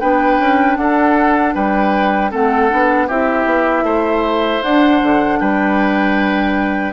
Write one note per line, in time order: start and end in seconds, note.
0.00 0.39 B3
0.00 2.31 D4
0.00 0.77 B4
0.00 0.76 G5
0.39 0.77 C#4
0.76 1.54 D4
0.76 1.54 A4
0.76 1.53 F#5
1.54 2.32 G3
1.54 2.30 B4
1.54 2.32 G5
2.30 2.72 A3
2.30 2.69 C4
2.30 3.07 A4
2.30 3.08 F#5
2.69 3.09 B3
2.69 3.08 D4
3.07 3.45 C4
3.07 4.62 E4
3.07 3.84 G4
3.07 4.62 E5
3.45 3.83 B3
3.83 4.59 A3
3.83 5.39 C5
4.62 6.93 D4
4.62 5.01 D4
4.62 5.39 F#5
5.02 5.40 D3
5.39 6.93 G3
5.39 6.93 B4
5.39 6.93 G5